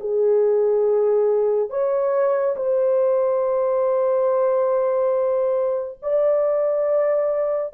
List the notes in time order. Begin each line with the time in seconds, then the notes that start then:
0.00 G#4
1.69 C#5
2.56 C5
6.02 D5